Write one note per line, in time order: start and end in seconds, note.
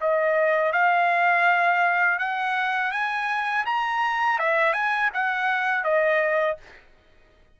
0.00 0.72 D#5
0.72 2.19 F5
2.19 2.91 F#5
2.91 3.65 G#5
3.65 4.38 A#5
4.38 4.73 E5
4.73 5.10 G#5
5.13 5.84 F#5
5.84 6.57 D#5